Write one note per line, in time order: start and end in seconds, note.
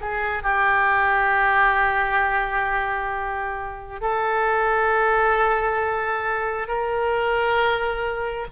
0.00 0.43 G#4
0.43 4.01 G4
4.01 6.68 A4
6.68 8.47 A#4